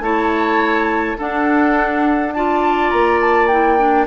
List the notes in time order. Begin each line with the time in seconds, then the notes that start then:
0.00 A3 E4 C#5 A5
1.18 D4 A4 F#5
2.34 F4 D5 A5
2.90 A#3 A#5
3.21 A5
3.47 E4 G5
3.78 D4